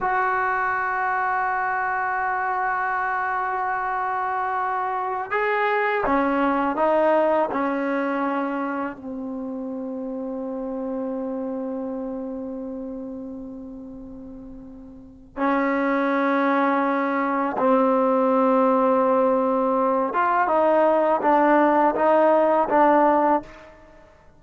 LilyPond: \new Staff \with { instrumentName = "trombone" } { \time 4/4 \tempo 4 = 82 fis'1~ | fis'2.~ fis'16 gis'8.~ | gis'16 cis'4 dis'4 cis'4.~ cis'16~ | cis'16 c'2.~ c'8.~ |
c'1~ | c'4 cis'2. | c'2.~ c'8 f'8 | dis'4 d'4 dis'4 d'4 | }